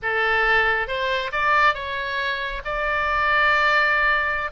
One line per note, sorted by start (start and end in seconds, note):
0.02 0.87 A4
0.87 1.31 C5
1.32 1.74 D5
1.74 2.62 C#5
2.65 4.51 D5